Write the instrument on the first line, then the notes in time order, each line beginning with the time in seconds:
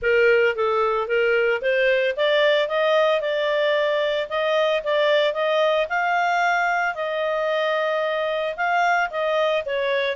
clarinet
0.01 A#4
0.55 A4
1.07 A#4
1.61 C5
2.16 D5
2.68 D#5
3.20 D5
4.29 D#5
4.83 D5
5.33 D#5
5.89 F5
6.94 D#5
8.56 F5
9.10 D#5
9.65 C#5